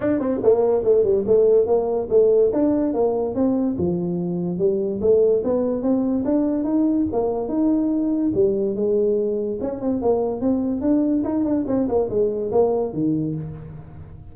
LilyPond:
\new Staff \with { instrumentName = "tuba" } { \time 4/4 \tempo 4 = 144 d'8 c'8 ais4 a8 g8 a4 | ais4 a4 d'4 ais4 | c'4 f2 g4 | a4 b4 c'4 d'4 |
dis'4 ais4 dis'2 | g4 gis2 cis'8 c'8 | ais4 c'4 d'4 dis'8 d'8 | c'8 ais8 gis4 ais4 dis4 | }